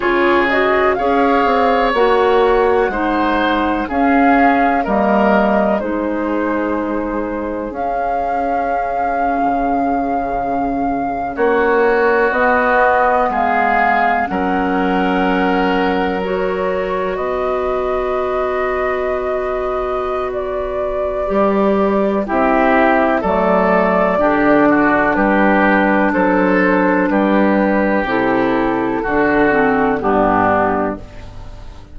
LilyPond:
<<
  \new Staff \with { instrumentName = "flute" } { \time 4/4 \tempo 4 = 62 cis''8 dis''8 f''4 fis''2 | f''4 dis''4 c''2 | f''2.~ f''8. cis''16~ | cis''8. dis''4 f''4 fis''4~ fis''16~ |
fis''8. cis''4 dis''2~ dis''16~ | dis''4 d''2 e''4 | d''2 b'4 c''4 | b'4 a'2 g'4 | }
  \new Staff \with { instrumentName = "oboe" } { \time 4/4 gis'4 cis''2 c''4 | gis'4 ais'4 gis'2~ | gis'2.~ gis'8. fis'16~ | fis'4.~ fis'16 gis'4 ais'4~ ais'16~ |
ais'4.~ ais'16 b'2~ b'16~ | b'2. g'4 | a'4 g'8 fis'8 g'4 a'4 | g'2 fis'4 d'4 | }
  \new Staff \with { instrumentName = "clarinet" } { \time 4/4 f'8 fis'8 gis'4 fis'4 dis'4 | cis'4 ais4 dis'2 | cis'1~ | cis'8. b2 cis'4~ cis'16~ |
cis'8. fis'2.~ fis'16~ | fis'2 g'4 e'4 | a4 d'2.~ | d'4 e'4 d'8 c'8 b4 | }
  \new Staff \with { instrumentName = "bassoon" } { \time 4/4 cis4 cis'8 c'8 ais4 gis4 | cis'4 g4 gis2 | cis'4.~ cis'16 cis2 ais16~ | ais8. b4 gis4 fis4~ fis16~ |
fis4.~ fis16 b2~ b16~ | b2 g4 c'4 | fis4 d4 g4 fis4 | g4 c4 d4 g,4 | }
>>